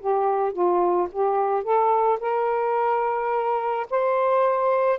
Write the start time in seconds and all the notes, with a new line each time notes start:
0.00 G4
0.53 F4
1.12 G4
1.63 A4
2.20 A#4
3.90 C5